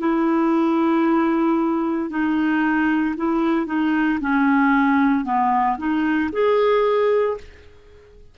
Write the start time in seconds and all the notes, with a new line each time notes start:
0.00 E4
2.10 D#4
3.17 E4
3.67 D#4
4.21 C#4
5.25 B3
5.78 D#4
6.33 G#4